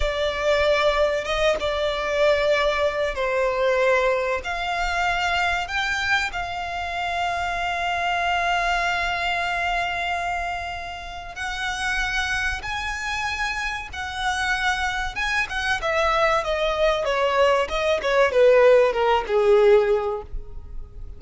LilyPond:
\new Staff \with { instrumentName = "violin" } { \time 4/4 \tempo 4 = 95 d''2 dis''8 d''4.~ | d''4 c''2 f''4~ | f''4 g''4 f''2~ | f''1~ |
f''2 fis''2 | gis''2 fis''2 | gis''8 fis''8 e''4 dis''4 cis''4 | dis''8 cis''8 b'4 ais'8 gis'4. | }